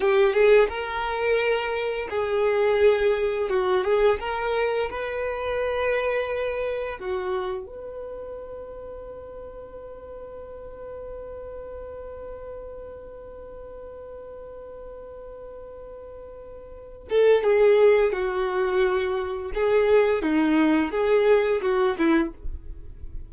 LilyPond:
\new Staff \with { instrumentName = "violin" } { \time 4/4 \tempo 4 = 86 g'8 gis'8 ais'2 gis'4~ | gis'4 fis'8 gis'8 ais'4 b'4~ | b'2 fis'4 b'4~ | b'1~ |
b'1~ | b'1~ | b'8 a'8 gis'4 fis'2 | gis'4 dis'4 gis'4 fis'8 e'8 | }